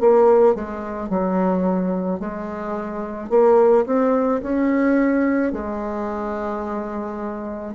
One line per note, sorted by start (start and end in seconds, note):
0.00 0.55 A#3
0.55 1.10 G#3
1.10 2.20 F#3
2.20 3.30 G#3
3.30 3.85 A#3
3.86 4.42 C4
4.42 5.53 C#4
5.53 7.75 G#3